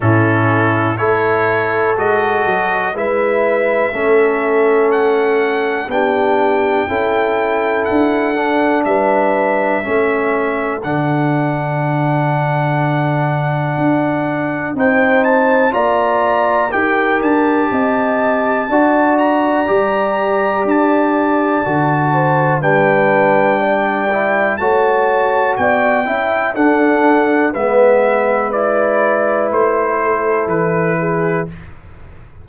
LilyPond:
<<
  \new Staff \with { instrumentName = "trumpet" } { \time 4/4 \tempo 4 = 61 a'4 cis''4 dis''4 e''4~ | e''4 fis''4 g''2 | fis''4 e''2 fis''4~ | fis''2. g''8 a''8 |
ais''4 g''8 a''2 ais''8~ | ais''4 a''2 g''4~ | g''4 a''4 g''4 fis''4 | e''4 d''4 c''4 b'4 | }
  \new Staff \with { instrumentName = "horn" } { \time 4/4 e'4 a'2 b'4 | a'2 g'4 a'4~ | a'4 b'4 a'2~ | a'2. c''4 |
d''4 ais'4 dis''4 d''4~ | d''2~ d''8 c''8 b'4 | d''4 cis''4 d''8 e''8 a'4 | b'2~ b'8 a'4 gis'8 | }
  \new Staff \with { instrumentName = "trombone" } { \time 4/4 cis'4 e'4 fis'4 e'4 | cis'2 d'4 e'4~ | e'8 d'4. cis'4 d'4~ | d'2. dis'4 |
f'4 g'2 fis'4 | g'2 fis'4 d'4~ | d'8 e'8 fis'4. e'8 d'4 | b4 e'2. | }
  \new Staff \with { instrumentName = "tuba" } { \time 4/4 a,4 a4 gis8 fis8 gis4 | a2 b4 cis'4 | d'4 g4 a4 d4~ | d2 d'4 c'4 |
ais4 dis'8 d'8 c'4 d'4 | g4 d'4 d4 g4~ | g4 a4 b8 cis'8 d'4 | gis2 a4 e4 | }
>>